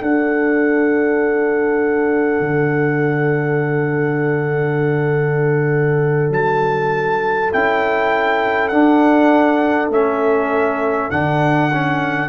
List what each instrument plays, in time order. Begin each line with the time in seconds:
0.00 trombone D4, tuba D4, horn A4, trumpet F#5
2.41 tuba D3
6.30 tuba F#3, trumpet A5
7.52 tuba C#4, trombone E4, trumpet G5
8.69 trombone D4, tuba D4, trumpet F#5
9.89 tuba A3, trombone C#4, trumpet E5
11.11 tuba D3, trombone D4, trumpet F#5
11.73 trombone C#4